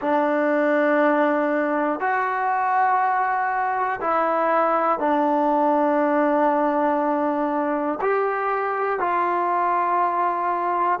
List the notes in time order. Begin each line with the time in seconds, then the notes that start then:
0.01 D4
2.00 F#4
4.00 E4
4.99 D4
8.01 G4
8.99 F4